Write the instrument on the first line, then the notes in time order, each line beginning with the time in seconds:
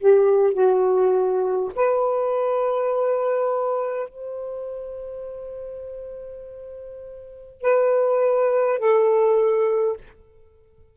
saxophone
0.00 G4
0.53 F#4
1.76 B4
4.09 C5
7.61 B4
8.79 A4